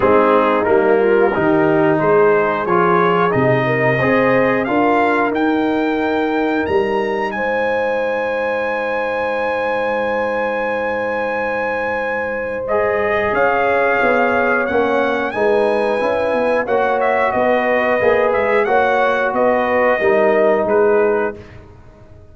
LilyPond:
<<
  \new Staff \with { instrumentName = "trumpet" } { \time 4/4 \tempo 4 = 90 gis'4 ais'2 c''4 | cis''4 dis''2 f''4 | g''2 ais''4 gis''4~ | gis''1~ |
gis''2. dis''4 | f''2 fis''4 gis''4~ | gis''4 fis''8 e''8 dis''4. e''8 | fis''4 dis''2 b'4 | }
  \new Staff \with { instrumentName = "horn" } { \time 4/4 dis'4. f'8 g'4 gis'4~ | gis'4. ais'8 c''4 ais'4~ | ais'2. c''4~ | c''1~ |
c''1 | cis''2. b'4~ | b'4 cis''4 b'2 | cis''4 b'4 ais'4 gis'4 | }
  \new Staff \with { instrumentName = "trombone" } { \time 4/4 c'4 ais4 dis'2 | f'4 dis'4 gis'4 f'4 | dis'1~ | dis'1~ |
dis'2. gis'4~ | gis'2 cis'4 dis'4 | e'4 fis'2 gis'4 | fis'2 dis'2 | }
  \new Staff \with { instrumentName = "tuba" } { \time 4/4 gis4 g4 dis4 gis4 | f4 c4 c'4 d'4 | dis'2 g4 gis4~ | gis1~ |
gis1 | cis'4 b4 ais4 gis4 | cis'8 b8 ais4 b4 ais8 gis8 | ais4 b4 g4 gis4 | }
>>